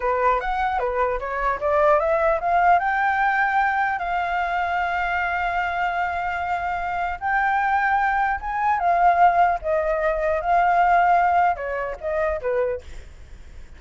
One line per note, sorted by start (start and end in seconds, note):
0.00 0.40 B4
0.40 0.79 F#5
0.79 1.19 B4
1.19 1.59 C#5
1.60 1.99 D5
1.99 2.39 E5
2.40 2.79 F5
2.79 3.99 G5
3.99 7.19 F5
7.20 8.40 G5
8.40 8.79 G#5
8.79 9.59 F5
9.61 10.41 D#5
10.41 11.55 F5
11.55 11.95 C#5
12.01 12.41 D#5
12.41 12.81 B4